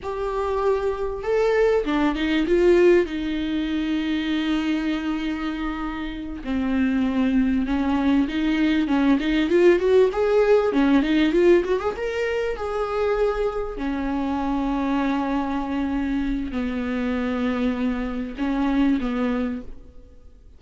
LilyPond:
\new Staff \with { instrumentName = "viola" } { \time 4/4 \tempo 4 = 98 g'2 a'4 d'8 dis'8 | f'4 dis'2.~ | dis'2~ dis'8 c'4.~ | c'8 cis'4 dis'4 cis'8 dis'8 f'8 |
fis'8 gis'4 cis'8 dis'8 f'8 fis'16 gis'16 ais'8~ | ais'8 gis'2 cis'4.~ | cis'2. b4~ | b2 cis'4 b4 | }